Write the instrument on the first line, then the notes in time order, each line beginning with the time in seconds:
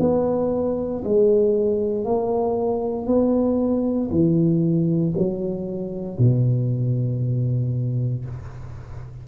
tuba
0.00 B3
1.05 G#3
2.05 A#3
3.07 B3
4.11 E3
5.18 F#3
6.19 B2